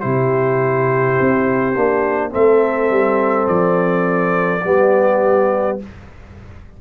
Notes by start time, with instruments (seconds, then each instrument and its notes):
0.00 tuba C3, trombone E4, horn G4, trumpet C5
1.20 tuba C4
1.75 tuba A#3, trombone D4
2.30 tuba A3, trombone C4, horn A4, trumpet E5
2.89 tuba G3
3.47 tuba F3, trumpet D5
4.64 tuba G3, trombone B3, horn G4